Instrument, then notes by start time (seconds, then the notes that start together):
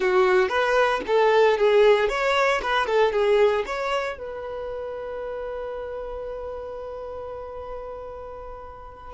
violin
0.00 F#4
0.48 B4
1.06 A4
1.57 G#4
2.08 C#5
2.62 B4
2.86 A4
3.12 G#4
3.66 C#5
4.17 B4